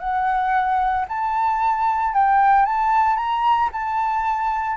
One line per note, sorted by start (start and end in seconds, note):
0.00 1.06 F#5
1.09 2.14 A5
2.14 2.66 G5
2.66 3.17 A5
3.17 3.70 A#5
3.73 4.77 A5